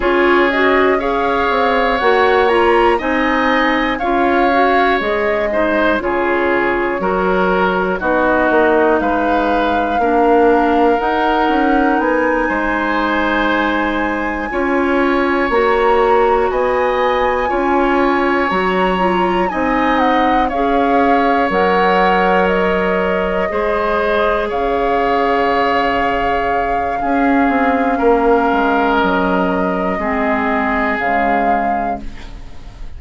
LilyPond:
<<
  \new Staff \with { instrumentName = "flute" } { \time 4/4 \tempo 4 = 60 cis''8 dis''8 f''4 fis''8 ais''8 gis''4 | f''4 dis''4 cis''2 | dis''4 f''2 fis''4 | gis''2.~ gis''8 ais''8~ |
ais''8 gis''2 ais''4 gis''8 | fis''8 f''4 fis''4 dis''4.~ | dis''8 f''2.~ f''8~ | f''4 dis''2 f''4 | }
  \new Staff \with { instrumentName = "oboe" } { \time 4/4 gis'4 cis''2 dis''4 | cis''4. c''8 gis'4 ais'4 | fis'4 b'4 ais'2~ | ais'8 c''2 cis''4.~ |
cis''8 dis''4 cis''2 dis''8~ | dis''8 cis''2. c''8~ | c''8 cis''2~ cis''8 gis'4 | ais'2 gis'2 | }
  \new Staff \with { instrumentName = "clarinet" } { \time 4/4 f'8 fis'8 gis'4 fis'8 f'8 dis'4 | f'8 fis'8 gis'8 dis'8 f'4 fis'4 | dis'2 d'4 dis'4~ | dis'2~ dis'8 f'4 fis'8~ |
fis'4. f'4 fis'8 f'8 dis'8~ | dis'8 gis'4 ais'2 gis'8~ | gis'2. cis'4~ | cis'2 c'4 gis4 | }
  \new Staff \with { instrumentName = "bassoon" } { \time 4/4 cis'4. c'8 ais4 c'4 | cis'4 gis4 cis4 fis4 | b8 ais8 gis4 ais4 dis'8 cis'8 | b8 gis2 cis'4 ais8~ |
ais8 b4 cis'4 fis4 c'8~ | c'8 cis'4 fis2 gis8~ | gis8 cis2~ cis8 cis'8 c'8 | ais8 gis8 fis4 gis4 cis4 | }
>>